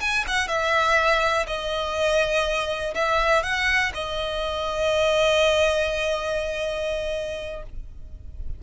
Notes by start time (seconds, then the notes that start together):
0.00 G#5
0.27 F#5
0.48 E5
1.47 D#5
2.95 E5
3.43 F#5
3.94 D#5